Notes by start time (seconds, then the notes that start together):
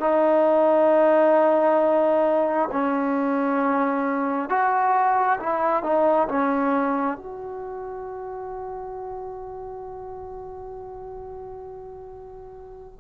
0.00 D#4
2.72 C#4
4.49 F#4
5.40 E4
5.83 D#4
6.28 C#4
7.17 F#4